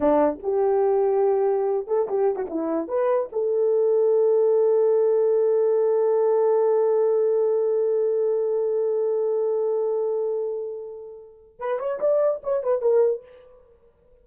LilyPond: \new Staff \with { instrumentName = "horn" } { \time 4/4 \tempo 4 = 145 d'4 g'2.~ | g'8 a'8 g'8. fis'16 e'4 b'4 | a'1~ | a'1~ |
a'1~ | a'1~ | a'1 | b'8 cis''8 d''4 cis''8 b'8 ais'4 | }